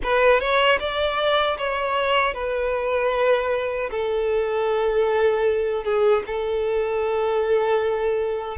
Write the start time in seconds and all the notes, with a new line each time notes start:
0.03 B4
0.39 C#5
0.79 D5
1.58 C#5
2.34 B4
3.90 A4
5.84 G#4
6.26 A4